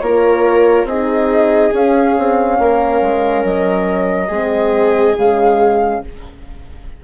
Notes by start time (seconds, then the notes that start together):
0.00 A#3 F4 A#4 C#5
0.85 C4 D#4 G#4 D#5
1.73 C#4 F5
2.19 C4
2.59 A#3 A#4
3.02 G#3
3.44 F#3 D#5
4.28 G#3 C4 G#4
5.18 C#3 G#3 F5